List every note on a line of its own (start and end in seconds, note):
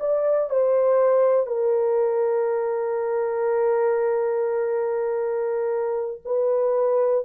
0.00 0.50 D5
0.50 1.47 C5
1.47 6.22 A#4
6.25 7.25 B4